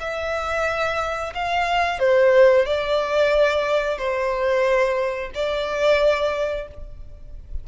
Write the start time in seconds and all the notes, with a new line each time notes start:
0.00 E5
1.34 F5
1.99 C5
2.66 D5
3.98 C5
5.34 D5